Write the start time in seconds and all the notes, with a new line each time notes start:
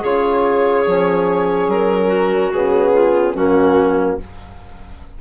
0.00 C#3 F4 G#4 C#5
0.86 F3 C#4
1.67 F#3 A#4
2.07 F#4
2.52 C#3 B3 G#4
2.93 F4
3.34 F#2 A#3 C#4 F#4